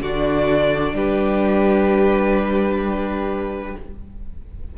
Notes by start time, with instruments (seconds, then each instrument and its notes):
0.00 cello D3, viola D4, violin F#4 D5
0.94 cello G3, violin G4 B4